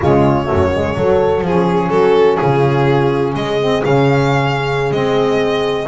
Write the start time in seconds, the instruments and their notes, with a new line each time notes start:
0.01 double bass C#3, saxophone G#3, horn F4, violin C#5
0.45 double bass F#2, saxophone A3, horn F#4
0.73 saxophone G#3, horn G#4
0.96 double bass F#3, saxophone F#3, horn A4
1.41 double bass F3, saxophone C#4, violin G#4, horn G#4
1.89 double bass F#3, horn F#4, violin A4
2.37 double bass C#3, horn F4, violin G#4
3.35 double bass G#3, horn G#4, violin D#5
3.60 saxophone C4
3.84 double bass C#3, saxophone C#4, violin F5
4.90 double bass G#3, saxophone C4, violin D#5